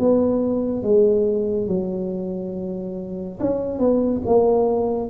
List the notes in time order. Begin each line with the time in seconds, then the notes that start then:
0.00 B3
0.83 G#3
1.68 F#3
3.41 C#4
3.79 B3
4.26 A#3